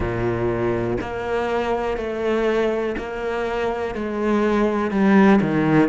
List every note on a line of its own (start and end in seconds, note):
0.00 0.97 A#2
1.01 1.97 A#3
1.97 2.95 A3
2.97 3.94 A#3
3.94 4.90 G#3
4.90 5.40 G3
5.41 5.89 D#3